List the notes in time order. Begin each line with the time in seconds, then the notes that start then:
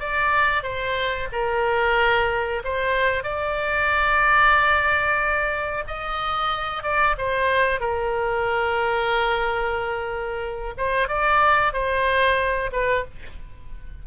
0.00 D5
0.63 C5
1.33 A#4
2.64 C5
3.24 D5
5.88 D#5
6.83 D5
7.18 C5
7.81 A#4
10.78 C5
11.09 D5
11.73 C5
12.72 B4